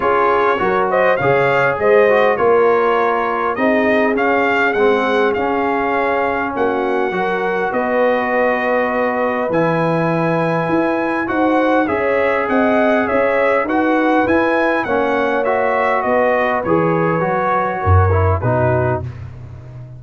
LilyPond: <<
  \new Staff \with { instrumentName = "trumpet" } { \time 4/4 \tempo 4 = 101 cis''4. dis''8 f''4 dis''4 | cis''2 dis''4 f''4 | fis''4 f''2 fis''4~ | fis''4 dis''2. |
gis''2. fis''4 | e''4 fis''4 e''4 fis''4 | gis''4 fis''4 e''4 dis''4 | cis''2. b'4 | }
  \new Staff \with { instrumentName = "horn" } { \time 4/4 gis'4 ais'8 c''8 cis''4 c''4 | ais'2 gis'2~ | gis'2. fis'4 | ais'4 b'2.~ |
b'2. c''4 | cis''4 dis''4 cis''4 b'4~ | b'4 cis''2 b'4~ | b'2 ais'4 fis'4 | }
  \new Staff \with { instrumentName = "trombone" } { \time 4/4 f'4 fis'4 gis'4. fis'8 | f'2 dis'4 cis'4 | c'4 cis'2. | fis'1 |
e'2. fis'4 | gis'2. fis'4 | e'4 cis'4 fis'2 | gis'4 fis'4. e'8 dis'4 | }
  \new Staff \with { instrumentName = "tuba" } { \time 4/4 cis'4 fis4 cis4 gis4 | ais2 c'4 cis'4 | gis4 cis'2 ais4 | fis4 b2. |
e2 e'4 dis'4 | cis'4 c'4 cis'4 dis'4 | e'4 ais2 b4 | e4 fis4 fis,4 b,4 | }
>>